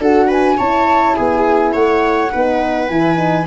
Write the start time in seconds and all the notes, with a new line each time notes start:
0.00 D4 F#4 A4 F#5
0.27 B4 G#5
0.57 C#4 E4 C#5 A5
1.16 B3 G#4 G#5
1.73 A3 C#5 F#5
2.32 B3 D#4 B4
2.88 E3 E4 G#5
3.16 D#4